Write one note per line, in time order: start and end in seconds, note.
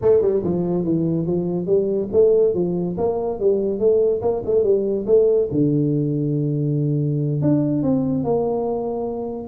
0.01 0.21 A3
0.21 0.42 G3
0.43 0.84 F3
0.84 1.26 E3
1.26 1.66 F3
1.66 2.08 G3
2.12 2.54 A3
2.54 2.96 F3
2.97 3.39 A#3
3.39 3.79 G3
3.79 4.21 A3
4.21 4.42 A#3
4.45 4.63 A3
4.63 5.06 G3
5.06 5.48 A3
5.51 7.41 D3
7.41 7.83 D4
7.83 8.23 C4
8.23 9.48 A#3